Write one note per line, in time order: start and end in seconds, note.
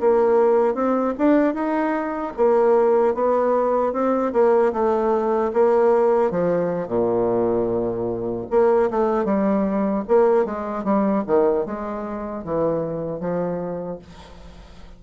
0.00 0.75 A#3
0.75 1.14 C4
1.18 1.54 D4
1.54 2.33 D#4
2.37 3.15 A#3
3.15 3.93 B3
3.93 4.32 C4
4.33 4.73 A#3
4.73 5.52 A3
5.54 6.31 A#3
6.31 6.88 F3
6.88 8.46 A#2
8.50 8.90 A#3
8.91 9.25 A3
9.25 10.04 G3
10.08 10.46 A#3
10.46 10.84 G#3
10.84 11.24 G3
11.27 11.66 D#3
11.66 12.44 G#3
12.44 13.20 E3
13.20 13.99 F3